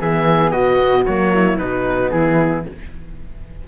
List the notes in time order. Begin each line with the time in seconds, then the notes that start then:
0.00 E3 B3 G#4 E5
0.51 B2 F#4 D#5
1.05 F#3 A#3 C#5
1.34 E4
1.57 B2 B3 D#4 B4
2.10 E3 E4 G#4